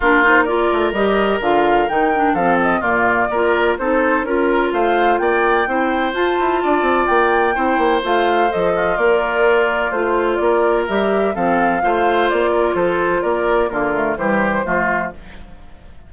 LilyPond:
<<
  \new Staff \with { instrumentName = "flute" } { \time 4/4 \tempo 4 = 127 ais'8 c''8 d''4 dis''4 f''4 | g''4 f''8 dis''8 d''2 | c''4 ais'4 f''4 g''4~ | g''4 a''2 g''4~ |
g''4 f''4 dis''4 d''4~ | d''4 c''4 d''4 e''4 | f''2 d''4 c''4 | d''4 ais'4 c''2 | }
  \new Staff \with { instrumentName = "oboe" } { \time 4/4 f'4 ais'2.~ | ais'4 a'4 f'4 ais'4 | a'4 ais'4 c''4 d''4 | c''2 d''2 |
c''2~ c''8 f'4.~ | f'2 ais'2 | a'4 c''4. ais'8 a'4 | ais'4 f'4 g'4 f'4 | }
  \new Staff \with { instrumentName = "clarinet" } { \time 4/4 d'8 dis'8 f'4 g'4 f'4 | dis'8 d'8 c'4 ais4 f'4 | dis'4 f'2. | e'4 f'2. |
e'4 f'4 a'4 ais'4~ | ais'4 f'2 g'4 | c'4 f'2.~ | f'4 ais8 a8 g4 a4 | }
  \new Staff \with { instrumentName = "bassoon" } { \time 4/4 ais4. a8 g4 d4 | dis4 f4 ais,4 ais4 | c'4 cis'4 a4 ais4 | c'4 f'8 e'8 d'8 c'8 ais4 |
c'8 ais8 a4 f4 ais4~ | ais4 a4 ais4 g4 | f4 a4 ais4 f4 | ais4 d4 e4 f4 | }
>>